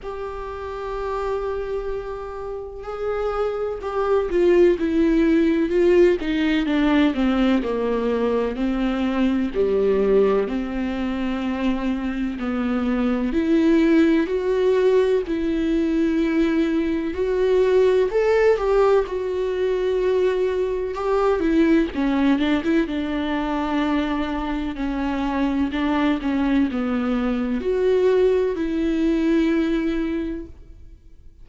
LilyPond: \new Staff \with { instrumentName = "viola" } { \time 4/4 \tempo 4 = 63 g'2. gis'4 | g'8 f'8 e'4 f'8 dis'8 d'8 c'8 | ais4 c'4 g4 c'4~ | c'4 b4 e'4 fis'4 |
e'2 fis'4 a'8 g'8 | fis'2 g'8 e'8 cis'8 d'16 e'16 | d'2 cis'4 d'8 cis'8 | b4 fis'4 e'2 | }